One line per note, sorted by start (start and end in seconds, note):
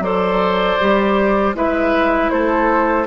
0.00 0.76 F#3
0.00 0.80 A4
0.00 1.56 C5
0.00 1.55 D5
0.80 1.55 G3
0.80 1.55 G4
1.55 2.31 G#3
1.55 3.06 E4
1.55 2.32 B4
1.55 2.30 E5
2.30 3.07 A3
2.30 3.07 A4
2.30 3.06 C5